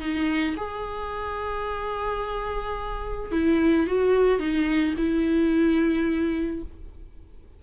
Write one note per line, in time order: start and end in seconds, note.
0.00 0.55 D#4
0.57 3.32 G#4
3.32 3.87 E4
3.87 4.39 F#4
4.39 4.94 D#4
4.97 6.62 E4